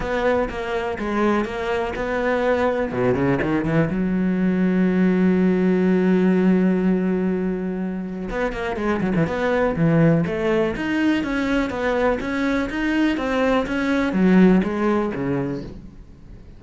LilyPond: \new Staff \with { instrumentName = "cello" } { \time 4/4 \tempo 4 = 123 b4 ais4 gis4 ais4 | b2 b,8 cis8 dis8 e8 | fis1~ | fis1~ |
fis4 b8 ais8 gis8 fis16 e16 b4 | e4 a4 dis'4 cis'4 | b4 cis'4 dis'4 c'4 | cis'4 fis4 gis4 cis4 | }